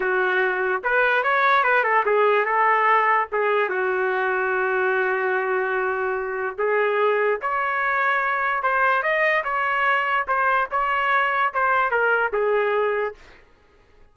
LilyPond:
\new Staff \with { instrumentName = "trumpet" } { \time 4/4 \tempo 4 = 146 fis'2 b'4 cis''4 | b'8 a'8 gis'4 a'2 | gis'4 fis'2.~ | fis'1 |
gis'2 cis''2~ | cis''4 c''4 dis''4 cis''4~ | cis''4 c''4 cis''2 | c''4 ais'4 gis'2 | }